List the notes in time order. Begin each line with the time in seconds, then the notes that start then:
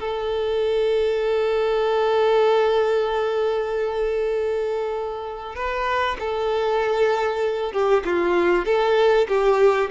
0.00 A4
5.56 B4
6.20 A4
7.73 G4
8.05 F4
8.66 A4
9.28 G4